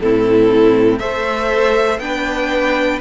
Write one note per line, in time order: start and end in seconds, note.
0.00 0.99 A2
0.00 1.00 C4
0.00 1.00 E4
0.00 0.99 A4
0.99 1.98 A3
0.99 2.00 A4
0.99 2.00 C5
0.99 1.99 E5
1.98 2.98 B3
1.98 3.00 D4
1.98 3.01 B4
1.98 2.99 G5